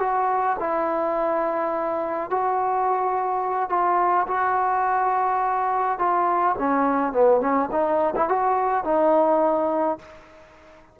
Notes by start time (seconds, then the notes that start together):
0.00 F#4
0.60 E4
2.31 F#4
3.70 F4
4.28 F#4
5.99 F4
6.59 C#4
7.13 B3
7.41 C#4
7.72 D#4
8.16 E4
8.29 F#4
8.85 D#4